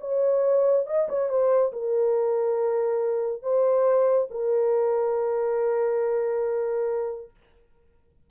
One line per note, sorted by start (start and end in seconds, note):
0.00 0.86 C#5
0.86 1.07 D#5
1.08 1.29 C#5
1.29 1.71 C5
1.72 3.42 A#4
3.42 4.28 C5
4.30 7.30 A#4